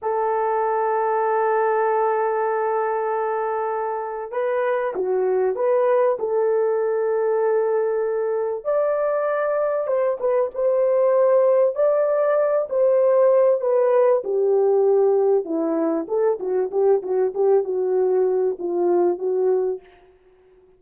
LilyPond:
\new Staff \with { instrumentName = "horn" } { \time 4/4 \tempo 4 = 97 a'1~ | a'2. b'4 | fis'4 b'4 a'2~ | a'2 d''2 |
c''8 b'8 c''2 d''4~ | d''8 c''4. b'4 g'4~ | g'4 e'4 a'8 fis'8 g'8 fis'8 | g'8 fis'4. f'4 fis'4 | }